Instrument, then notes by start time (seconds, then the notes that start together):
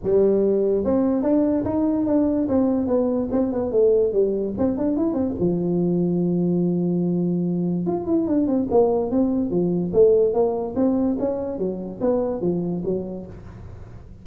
tuba
0.03 G3
0.84 C4
1.23 D4
1.65 D#4
2.06 D4
2.48 C4
2.87 B3
3.31 C4
3.52 B3
3.71 A3
4.12 G3
4.58 C4
4.77 D4
4.96 E4
5.13 C4
5.39 F3
7.86 F4
8.06 E4
8.27 D4
8.47 C4
8.70 A#3
9.11 C4
9.50 F3
9.93 A3
10.33 A#3
10.75 C4
11.19 C#4
11.58 F#3
12.00 B3
12.41 F3
12.84 F#3